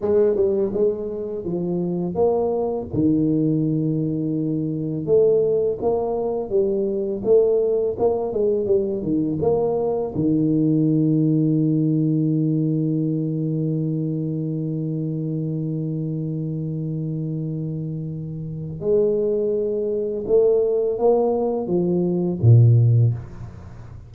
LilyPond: \new Staff \with { instrumentName = "tuba" } { \time 4/4 \tempo 4 = 83 gis8 g8 gis4 f4 ais4 | dis2. a4 | ais4 g4 a4 ais8 gis8 | g8 dis8 ais4 dis2~ |
dis1~ | dis1~ | dis2 gis2 | a4 ais4 f4 ais,4 | }